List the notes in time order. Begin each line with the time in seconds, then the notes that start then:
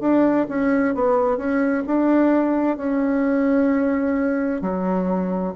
0.00 D4
0.49 C#4
0.94 B3
1.37 C#4
1.86 D4
2.77 C#4
4.61 F#3